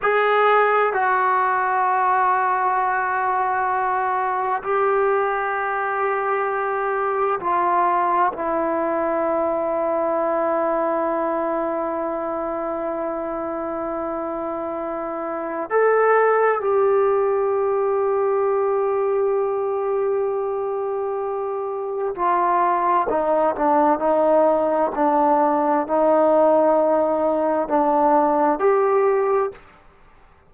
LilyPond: \new Staff \with { instrumentName = "trombone" } { \time 4/4 \tempo 4 = 65 gis'4 fis'2.~ | fis'4 g'2. | f'4 e'2.~ | e'1~ |
e'4 a'4 g'2~ | g'1 | f'4 dis'8 d'8 dis'4 d'4 | dis'2 d'4 g'4 | }